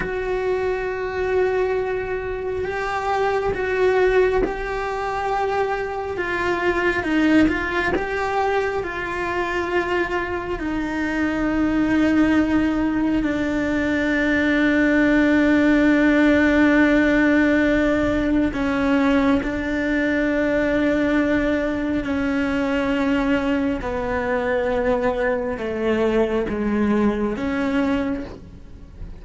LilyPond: \new Staff \with { instrumentName = "cello" } { \time 4/4 \tempo 4 = 68 fis'2. g'4 | fis'4 g'2 f'4 | dis'8 f'8 g'4 f'2 | dis'2. d'4~ |
d'1~ | d'4 cis'4 d'2~ | d'4 cis'2 b4~ | b4 a4 gis4 cis'4 | }